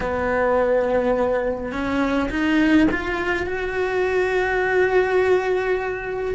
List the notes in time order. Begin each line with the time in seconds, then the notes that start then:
0.00 B3
1.72 C#4
2.30 D#4
2.91 F4
3.46 F#4